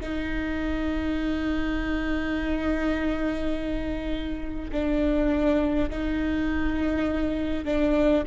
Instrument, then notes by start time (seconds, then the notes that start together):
viola
0.00 D#4
4.72 D4
5.90 D#4
7.65 D4